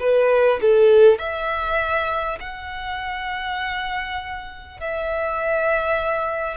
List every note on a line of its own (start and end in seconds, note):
0.00 0.60 B4
0.62 1.18 A4
1.18 2.38 E5
2.41 4.81 F#5
4.81 6.57 E5